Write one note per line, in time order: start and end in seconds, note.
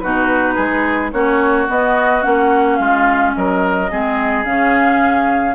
0.00 0.58 B2
0.00 1.13 D#4
0.00 0.55 F#4
0.00 1.11 B4
0.55 1.13 G#3
0.55 1.10 G#4
1.12 1.68 A#3
1.12 1.68 C#4
1.12 2.80 F#4
1.12 1.68 C#5
1.68 2.22 B3
1.68 2.25 B3
1.68 2.23 D#5
2.22 2.79 A#3
2.22 3.88 C#4
2.22 2.76 F#5
2.76 3.35 G#3
2.76 3.35 F4
2.76 3.32 F5
3.34 3.92 F#3
3.34 3.91 A#4
3.34 4.45 D#5
3.91 4.45 G#3
3.91 4.45 C4
3.91 5.55 G#4
4.45 5.55 C#3
4.45 5.55 C#4
4.45 5.55 F5